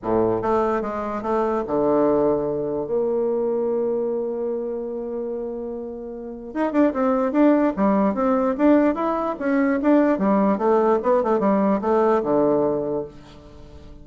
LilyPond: \new Staff \with { instrumentName = "bassoon" } { \time 4/4 \tempo 4 = 147 a,4 a4 gis4 a4 | d2. ais4~ | ais1~ | ais1 |
dis'8 d'8 c'4 d'4 g4 | c'4 d'4 e'4 cis'4 | d'4 g4 a4 b8 a8 | g4 a4 d2 | }